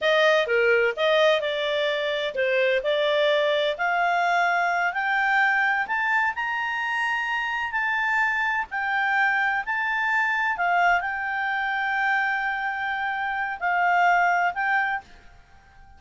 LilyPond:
\new Staff \with { instrumentName = "clarinet" } { \time 4/4 \tempo 4 = 128 dis''4 ais'4 dis''4 d''4~ | d''4 c''4 d''2 | f''2~ f''8 g''4.~ | g''8 a''4 ais''2~ ais''8~ |
ais''8 a''2 g''4.~ | g''8 a''2 f''4 g''8~ | g''1~ | g''4 f''2 g''4 | }